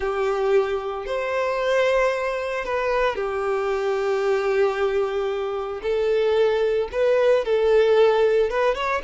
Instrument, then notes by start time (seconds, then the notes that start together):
violin
0.00 G4
1.05 C5
2.64 B4
3.15 G4
5.82 A4
6.91 B4
7.44 A4
8.50 B4
8.75 C#5